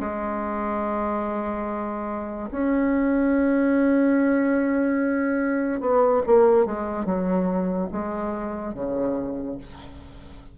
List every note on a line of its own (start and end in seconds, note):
0.00 2.50 G#3
2.52 5.81 C#4
5.81 6.23 B3
6.27 6.66 A#3
6.66 7.06 G#3
7.06 7.89 F#3
7.92 8.75 G#3
8.75 9.58 C#3